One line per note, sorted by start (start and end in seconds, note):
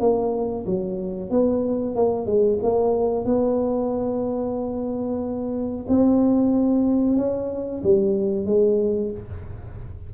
0.00 0.65 A#3
0.66 1.30 F#3
1.30 1.95 B3
1.95 2.26 A#3
2.26 2.59 G#3
2.63 3.25 A#3
3.25 5.86 B3
5.88 7.17 C4
7.17 7.82 C#4
7.83 8.46 G3
8.46 9.11 G#3